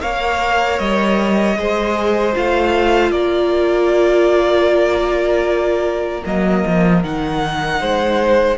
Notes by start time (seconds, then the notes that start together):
0.00 A#3 A#4 C#5 F5
0.78 G3 D#5
1.57 G#3 G#4 C5
2.33 A3 F4 F5
3.10 A#3 A#4 D5
6.25 F#3 A#3 D#5
6.66 F3
7.03 D#3 D#4 F#5
7.80 G#3 C5